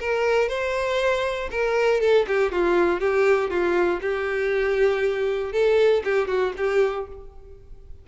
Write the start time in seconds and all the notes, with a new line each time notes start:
0.00 A#4
0.49 C5
1.51 A#4
2.01 A4
2.28 G4
2.52 F4
3.00 G4
3.50 F4
4.02 G4
5.53 A4
6.05 G4
6.28 F#4
6.58 G4